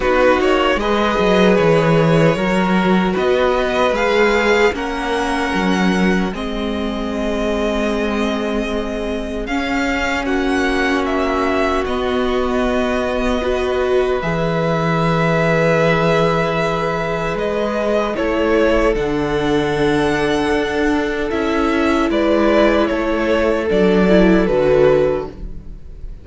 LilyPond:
<<
  \new Staff \with { instrumentName = "violin" } { \time 4/4 \tempo 4 = 76 b'8 cis''8 dis''4 cis''2 | dis''4 f''4 fis''2 | dis''1 | f''4 fis''4 e''4 dis''4~ |
dis''2 e''2~ | e''2 dis''4 cis''4 | fis''2. e''4 | d''4 cis''4 d''4 b'4 | }
  \new Staff \with { instrumentName = "violin" } { \time 4/4 fis'4 b'2 ais'4 | b'2 ais'2 | gis'1~ | gis'4 fis'2.~ |
fis'4 b'2.~ | b'2. a'4~ | a'1 | b'4 a'2. | }
  \new Staff \with { instrumentName = "viola" } { \time 4/4 dis'4 gis'2 fis'4~ | fis'4 gis'4 cis'2 | c'1 | cis'2. b4~ |
b4 fis'4 gis'2~ | gis'2. e'4 | d'2. e'4~ | e'2 d'8 e'8 fis'4 | }
  \new Staff \with { instrumentName = "cello" } { \time 4/4 b8 ais8 gis8 fis8 e4 fis4 | b4 gis4 ais4 fis4 | gis1 | cis'4 ais2 b4~ |
b2 e2~ | e2 gis4 a4 | d2 d'4 cis'4 | gis4 a4 fis4 d4 | }
>>